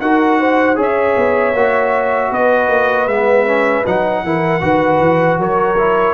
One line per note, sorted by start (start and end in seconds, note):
0.00 0.77 D#4
0.00 0.75 F#4
0.00 0.39 A#4
0.00 0.77 F#5
0.39 0.77 C5
0.75 1.16 C#4
0.75 1.52 G#4
0.75 2.31 C#5
0.82 2.33 E5
1.17 1.53 B3
1.53 2.30 A#3
1.53 3.09 F#4
2.31 2.68 B3
2.31 4.24 B4
2.31 3.07 D#5
2.68 3.06 A#3
3.06 3.83 G#3
3.06 3.46 B3
3.06 3.84 E5
3.46 3.84 C#4
3.86 4.23 F#3
3.86 4.25 D#4
3.86 5.40 F#5
4.23 4.62 E3
4.23 4.60 E4
4.23 4.62 A#4
4.60 4.99 D#3
4.60 5.76 F#4
4.60 5.39 B4
4.99 5.37 E3
5.37 6.14 F#3
5.37 6.14 A#4
5.37 6.14 C#5
5.78 6.14 E4